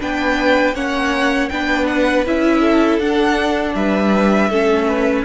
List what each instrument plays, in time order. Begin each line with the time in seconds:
0.00 cello B3, viola D4, violin B4 G5
0.74 cello A#3, viola C#4, violin C#5 F#5
1.49 cello B3, viola D4, violin B4 G5
1.87 violin F#5
2.27 cello C#4, viola E4, violin E5
2.61 violin A4
2.99 cello D4, viola D4, violin F#5
3.75 cello G3, violin B4 E5
4.50 cello A3, viola C#4, violin A4
4.88 violin B4